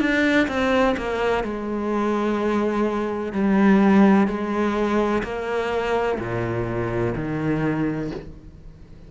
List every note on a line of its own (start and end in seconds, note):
0.00 0.48 D4
0.48 0.96 C4
0.98 1.45 A#3
1.45 3.33 G#3
3.33 4.28 G3
4.28 5.23 G#3
5.23 6.19 A#3
6.19 7.15 A#2
7.16 8.11 D#3